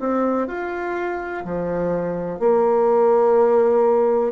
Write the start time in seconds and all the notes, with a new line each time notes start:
0.00 C4
0.48 F4
1.45 F3
2.39 A#3